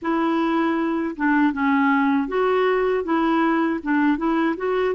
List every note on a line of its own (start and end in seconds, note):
0.01 1.15 E4
1.16 1.52 D4
1.52 2.28 C#4
2.28 3.03 F#4
3.04 3.80 E4
3.83 4.17 D4
4.17 4.55 E4
4.56 4.94 F#4